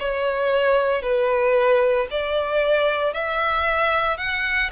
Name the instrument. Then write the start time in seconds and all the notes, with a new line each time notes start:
violin
0.00 C#5
1.02 B4
2.11 D5
3.14 E5
4.18 F#5